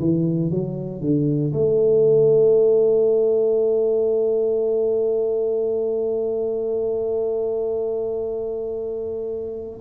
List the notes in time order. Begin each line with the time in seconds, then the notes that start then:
0.00 E3
0.51 F#3
1.01 D3
1.53 A3